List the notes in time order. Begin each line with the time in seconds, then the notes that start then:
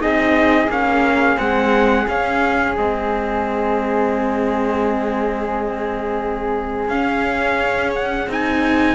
0.00 C4 D#4 G#4 D#5
0.68 A#3 C#4 F5
1.37 G#3 C4 F#5
2.08 C#4 F5
2.77 G#3 C4 D#5
6.89 C#4 F5
7.95 F#5
8.28 C4 D#4 G#5